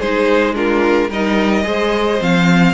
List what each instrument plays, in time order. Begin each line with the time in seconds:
0.00 cello G#3, viola D#4, violin G#4 C5
0.55 viola D4, violin F4 A#4
1.10 cello G3, viola D#4, violin A#4 D#5
1.64 cello G#3, viola G#4, violin C5
2.21 cello F3, viola C4, violin F5